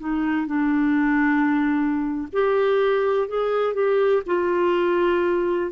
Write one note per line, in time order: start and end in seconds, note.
0.00 0.47 D#4
0.47 2.28 D4
2.33 3.28 G4
3.28 3.74 G#4
3.74 4.23 G4
4.26 5.72 F4